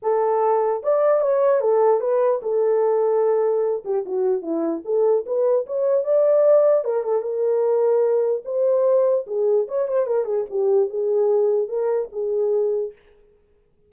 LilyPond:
\new Staff \with { instrumentName = "horn" } { \time 4/4 \tempo 4 = 149 a'2 d''4 cis''4 | a'4 b'4 a'2~ | a'4. g'8 fis'4 e'4 | a'4 b'4 cis''4 d''4~ |
d''4 ais'8 a'8 ais'2~ | ais'4 c''2 gis'4 | cis''8 c''8 ais'8 gis'8 g'4 gis'4~ | gis'4 ais'4 gis'2 | }